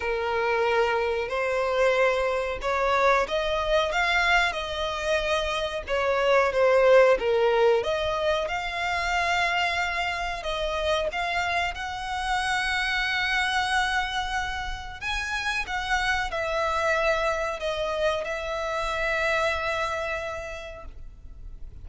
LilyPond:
\new Staff \with { instrumentName = "violin" } { \time 4/4 \tempo 4 = 92 ais'2 c''2 | cis''4 dis''4 f''4 dis''4~ | dis''4 cis''4 c''4 ais'4 | dis''4 f''2. |
dis''4 f''4 fis''2~ | fis''2. gis''4 | fis''4 e''2 dis''4 | e''1 | }